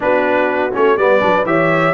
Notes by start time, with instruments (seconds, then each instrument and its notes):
0.00 tuba B3, trombone D4, horn F#4, trumpet B4
0.73 tuba A3, trombone C#4, trumpet C#5
0.97 tuba G3, trombone B3, horn B4, trumpet D5
1.20 tuba F#3, trombone D4
1.45 tuba E3, trombone G4, horn C#5, trumpet E5